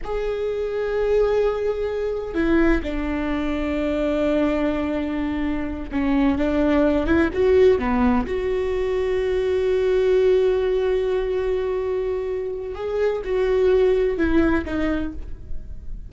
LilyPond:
\new Staff \with { instrumentName = "viola" } { \time 4/4 \tempo 4 = 127 gis'1~ | gis'4 e'4 d'2~ | d'1~ | d'8 cis'4 d'4. e'8 fis'8~ |
fis'8 b4 fis'2~ fis'8~ | fis'1~ | fis'2. gis'4 | fis'2 e'4 dis'4 | }